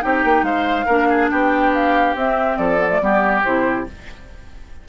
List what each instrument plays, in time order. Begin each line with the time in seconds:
0.00 bassoon C4, clarinet D#4, oboe G4, flute G5
0.24 bassoon A#3
0.42 bassoon G#3, oboe C5, flute F5
0.85 bassoon A#3, clarinet D4, oboe A#4
1.09 oboe G#4
1.30 bassoon B3, oboe G4, flute G5
1.73 flute F5
2.14 bassoon C4, clarinet C4, flute E5
2.56 bassoon F3, oboe A4, flute D5
2.77 clarinet B3
2.89 clarinet A3
3.01 bassoon G3, clarinet B3, oboe G4
3.43 bassoon C3, clarinet E4, flute C5